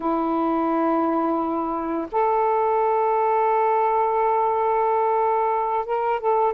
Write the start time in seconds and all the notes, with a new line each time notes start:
0.00 E4
2.11 A4
5.85 A#4
6.19 A4